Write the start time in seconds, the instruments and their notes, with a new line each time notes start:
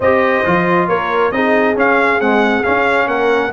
0.00 tuba C4, trombone G4, horn C5, trumpet D#5
0.44 tuba F3, trombone F4
0.88 tuba A#3, horn A#4, trumpet C#5
1.31 tuba C4, trombone D#4, horn G#4, trumpet D#5
1.75 trombone C#4, tuba C#4, trumpet F5
2.20 trombone G#3, tuba C4, trumpet F#5
2.63 trombone C#4, tuba C#4, trumpet F5
3.07 tuba A#3, horn A#4, trumpet F#5